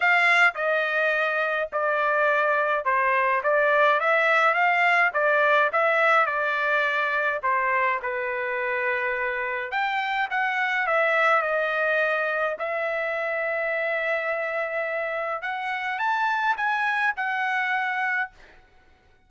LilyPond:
\new Staff \with { instrumentName = "trumpet" } { \time 4/4 \tempo 4 = 105 f''4 dis''2 d''4~ | d''4 c''4 d''4 e''4 | f''4 d''4 e''4 d''4~ | d''4 c''4 b'2~ |
b'4 g''4 fis''4 e''4 | dis''2 e''2~ | e''2. fis''4 | a''4 gis''4 fis''2 | }